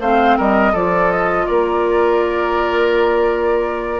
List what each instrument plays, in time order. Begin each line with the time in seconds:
0.00 bassoon A3, clarinet C4, oboe C5, flute F5
0.37 bassoon G3, oboe A#4, flute D#5
0.72 bassoon F3, clarinet F4, oboe A4, flute D5
1.11 flute D#5
1.46 bassoon A#3, oboe A#4, flute D5